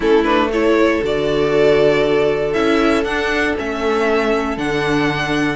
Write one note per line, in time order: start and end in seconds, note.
0.00 1.00 A3
0.00 0.24 C#4
0.00 0.48 E4
0.00 0.24 A4
0.24 0.50 D4
0.24 0.49 B4
0.51 1.02 E4
0.51 5.56 A4
0.51 1.03 C#5
1.02 2.54 D3
1.02 2.54 F#4
1.02 2.53 D5
2.53 3.04 C#4
2.53 3.05 E4
2.53 3.04 E5
3.04 3.55 D4
3.04 3.56 D4
3.04 3.55 F#5
3.57 4.57 A3
3.57 4.57 C#4
3.57 4.57 E5
4.57 5.56 D3
4.57 5.56 D4
4.57 5.56 F#5